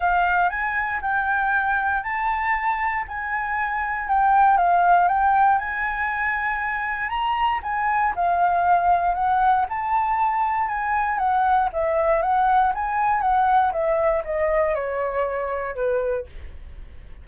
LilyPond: \new Staff \with { instrumentName = "flute" } { \time 4/4 \tempo 4 = 118 f''4 gis''4 g''2 | a''2 gis''2 | g''4 f''4 g''4 gis''4~ | gis''2 ais''4 gis''4 |
f''2 fis''4 a''4~ | a''4 gis''4 fis''4 e''4 | fis''4 gis''4 fis''4 e''4 | dis''4 cis''2 b'4 | }